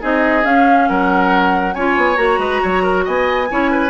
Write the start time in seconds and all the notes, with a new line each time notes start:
0.00 C4 D#4 G#4 D#5
0.43 C#4 F5
0.88 F#3 A#4 F#5
1.74 C#4 F4 C#5 G#5
1.96 B3
2.16 A#3 F#4 A#5
2.38 G#3 B4
2.62 F#3 C#5
2.83 A#4
3.04 B3 D#5 G#5
3.50 C#4 E4 C#5
3.71 B4